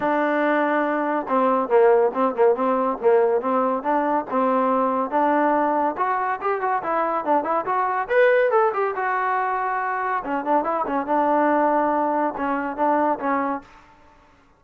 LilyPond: \new Staff \with { instrumentName = "trombone" } { \time 4/4 \tempo 4 = 141 d'2. c'4 | ais4 c'8 ais8 c'4 ais4 | c'4 d'4 c'2 | d'2 fis'4 g'8 fis'8 |
e'4 d'8 e'8 fis'4 b'4 | a'8 g'8 fis'2. | cis'8 d'8 e'8 cis'8 d'2~ | d'4 cis'4 d'4 cis'4 | }